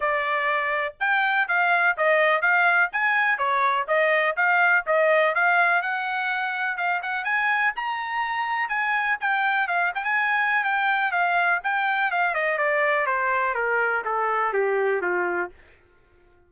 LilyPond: \new Staff \with { instrumentName = "trumpet" } { \time 4/4 \tempo 4 = 124 d''2 g''4 f''4 | dis''4 f''4 gis''4 cis''4 | dis''4 f''4 dis''4 f''4 | fis''2 f''8 fis''8 gis''4 |
ais''2 gis''4 g''4 | f''8 g''16 gis''4~ gis''16 g''4 f''4 | g''4 f''8 dis''8 d''4 c''4 | ais'4 a'4 g'4 f'4 | }